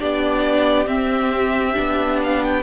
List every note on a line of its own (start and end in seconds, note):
0.00 0.87 B3
0.00 0.86 D4
0.00 2.63 G4
0.00 0.88 D5
0.86 1.74 C4
0.86 1.75 C4
0.86 2.20 E5
1.74 2.63 B3
1.74 2.63 D4
2.23 2.44 F5
2.44 2.63 G5